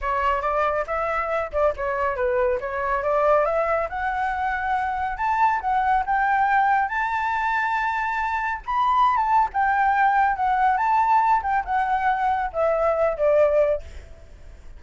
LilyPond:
\new Staff \with { instrumentName = "flute" } { \time 4/4 \tempo 4 = 139 cis''4 d''4 e''4. d''8 | cis''4 b'4 cis''4 d''4 | e''4 fis''2. | a''4 fis''4 g''2 |
a''1 | b''4~ b''16 a''8. g''2 | fis''4 a''4. g''8 fis''4~ | fis''4 e''4. d''4. | }